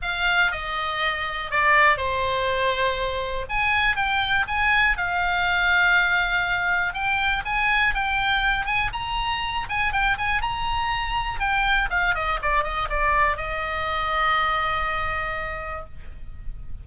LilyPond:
\new Staff \with { instrumentName = "oboe" } { \time 4/4 \tempo 4 = 121 f''4 dis''2 d''4 | c''2. gis''4 | g''4 gis''4 f''2~ | f''2 g''4 gis''4 |
g''4. gis''8 ais''4. gis''8 | g''8 gis''8 ais''2 g''4 | f''8 dis''8 d''8 dis''8 d''4 dis''4~ | dis''1 | }